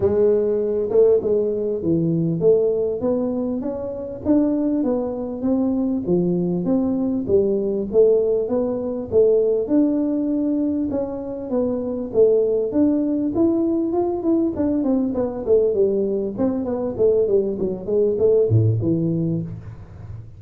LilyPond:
\new Staff \with { instrumentName = "tuba" } { \time 4/4 \tempo 4 = 99 gis4. a8 gis4 e4 | a4 b4 cis'4 d'4 | b4 c'4 f4 c'4 | g4 a4 b4 a4 |
d'2 cis'4 b4 | a4 d'4 e'4 f'8 e'8 | d'8 c'8 b8 a8 g4 c'8 b8 | a8 g8 fis8 gis8 a8 a,8 e4 | }